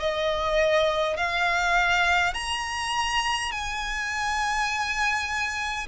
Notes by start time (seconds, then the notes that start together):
0.00 D#5
1.17 F5
2.34 A#5
3.52 G#5